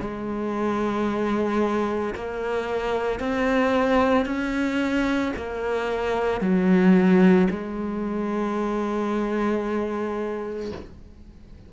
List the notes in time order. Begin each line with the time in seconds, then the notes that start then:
0.00 G#3
2.15 A#3
3.19 C4
4.26 C#4
5.36 A#3
6.41 F#3
7.50 G#3